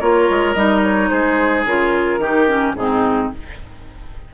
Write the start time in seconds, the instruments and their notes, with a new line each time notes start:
0.00 bassoon A#3, clarinet F4, oboe A#4, flute C#5
0.30 bassoon G#3
0.53 bassoon G3, clarinet D#4, flute D#5
0.83 flute C#5
1.10 bassoon G#3, oboe G#4, flute C5
1.65 bassoon C#3, clarinet F4, flute A#4
2.19 bassoon D#3, clarinet D#4, oboe G4
2.48 clarinet C#4
2.75 bassoon G#2, clarinet C4, oboe D#4, flute G#4